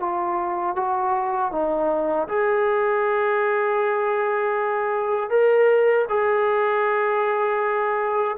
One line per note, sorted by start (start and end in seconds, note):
0.00 0.76 F4
0.76 1.52 F#4
1.52 2.28 D#4
2.29 5.30 G#4
5.30 6.06 A#4
6.09 8.37 G#4